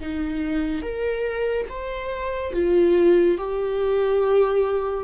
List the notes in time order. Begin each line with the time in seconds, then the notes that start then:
0.00 D#4
0.83 A#4
1.69 C5
2.54 F4
3.38 G4